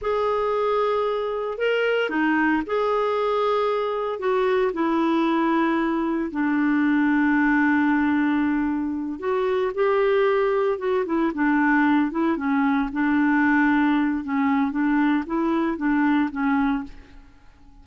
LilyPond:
\new Staff \with { instrumentName = "clarinet" } { \time 4/4 \tempo 4 = 114 gis'2. ais'4 | dis'4 gis'2. | fis'4 e'2. | d'1~ |
d'4. fis'4 g'4.~ | g'8 fis'8 e'8 d'4. e'8 cis'8~ | cis'8 d'2~ d'8 cis'4 | d'4 e'4 d'4 cis'4 | }